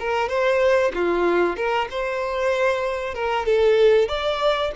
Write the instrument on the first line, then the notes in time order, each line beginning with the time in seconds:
violin
0.00 A#4
0.29 C5
0.94 F4
1.57 A#4
1.91 C5
3.15 A#4
3.46 A4
4.09 D5